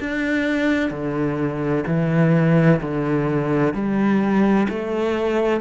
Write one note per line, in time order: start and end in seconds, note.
0.00 0.91 D4
0.91 1.84 D3
1.87 2.80 E3
2.81 3.74 D3
3.74 4.67 G3
4.69 5.61 A3